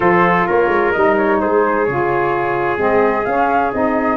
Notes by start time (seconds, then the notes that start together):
0.00 F3 F4 A4 C5
0.46 A#3 A#4 C#5
0.68 G#3
0.92 G3 D#4 D#5
1.17 C#5
1.40 G#3 G#4 C5
1.85 C#3 F4 C#5
2.77 G#3 C4 D#5
3.25 C#4 F5
3.73 C4 D#4 D#5